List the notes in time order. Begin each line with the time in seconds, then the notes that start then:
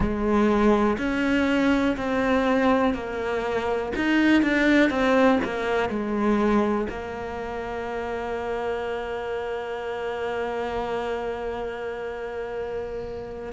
0.00 G#3
0.98 C#4
1.97 C4
2.93 A#3
3.96 D#4
4.42 D4
4.90 C4
5.44 A#3
5.89 G#3
6.89 A#3